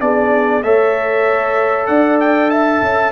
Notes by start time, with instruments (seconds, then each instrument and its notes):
0.00 tuba B3, trombone D4, horn G#4, trumpet D5
0.63 tuba A3, trombone A4, horn C#5, trumpet E5
1.86 tuba D4, horn D5, trumpet F#5
2.20 trumpet G5
2.51 horn E5, trumpet A5
2.82 tuba C#4